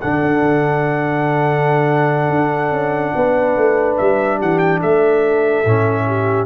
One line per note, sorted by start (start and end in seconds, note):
0.00 0.22 D3
0.00 5.65 D4
0.00 3.14 A4
0.00 3.96 F#5
0.22 0.41 D4
0.41 2.29 D3
2.29 2.70 D4
2.70 3.12 C#4
3.15 3.56 B3
3.15 4.37 B4
3.56 3.98 A3
3.97 4.41 G3
3.97 4.39 E5
4.37 4.82 E3
4.37 4.79 G4
4.37 4.58 F#5
4.58 4.79 G5
4.80 5.64 A3
4.80 6.05 A4
4.80 6.46 E5
5.64 6.46 A2
5.64 6.46 C#4
6.06 6.46 G4